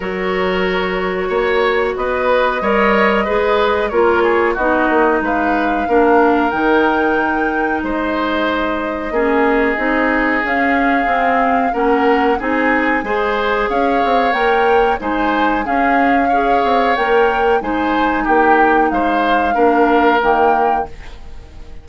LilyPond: <<
  \new Staff \with { instrumentName = "flute" } { \time 4/4 \tempo 4 = 92 cis''2. dis''4~ | dis''2 cis''4 dis''4 | f''2 g''2 | dis''1 |
f''2 fis''4 gis''4~ | gis''4 f''4 g''4 gis''4 | f''2 g''4 gis''4 | g''4 f''2 g''4 | }
  \new Staff \with { instrumentName = "oboe" } { \time 4/4 ais'2 cis''4 b'4 | cis''4 b'4 ais'8 gis'8 fis'4 | b'4 ais'2. | c''2 gis'2~ |
gis'2 ais'4 gis'4 | c''4 cis''2 c''4 | gis'4 cis''2 c''4 | g'4 c''4 ais'2 | }
  \new Staff \with { instrumentName = "clarinet" } { \time 4/4 fis'1 | ais'4 gis'4 f'4 dis'4~ | dis'4 d'4 dis'2~ | dis'2 cis'4 dis'4 |
cis'4 c'4 cis'4 dis'4 | gis'2 ais'4 dis'4 | cis'4 gis'4 ais'4 dis'4~ | dis'2 d'4 ais4 | }
  \new Staff \with { instrumentName = "bassoon" } { \time 4/4 fis2 ais4 b4 | g4 gis4 ais4 b8 ais8 | gis4 ais4 dis2 | gis2 ais4 c'4 |
cis'4 c'4 ais4 c'4 | gis4 cis'8 c'8 ais4 gis4 | cis'4. c'8 ais4 gis4 | ais4 gis4 ais4 dis4 | }
>>